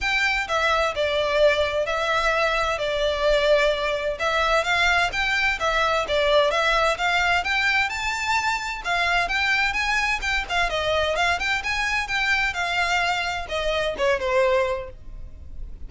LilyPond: \new Staff \with { instrumentName = "violin" } { \time 4/4 \tempo 4 = 129 g''4 e''4 d''2 | e''2 d''2~ | d''4 e''4 f''4 g''4 | e''4 d''4 e''4 f''4 |
g''4 a''2 f''4 | g''4 gis''4 g''8 f''8 dis''4 | f''8 g''8 gis''4 g''4 f''4~ | f''4 dis''4 cis''8 c''4. | }